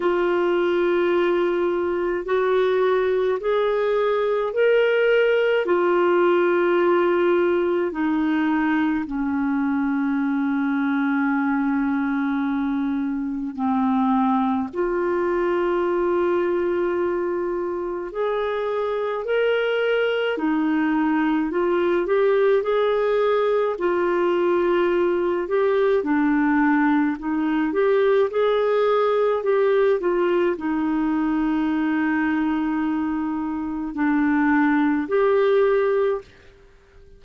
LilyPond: \new Staff \with { instrumentName = "clarinet" } { \time 4/4 \tempo 4 = 53 f'2 fis'4 gis'4 | ais'4 f'2 dis'4 | cis'1 | c'4 f'2. |
gis'4 ais'4 dis'4 f'8 g'8 | gis'4 f'4. g'8 d'4 | dis'8 g'8 gis'4 g'8 f'8 dis'4~ | dis'2 d'4 g'4 | }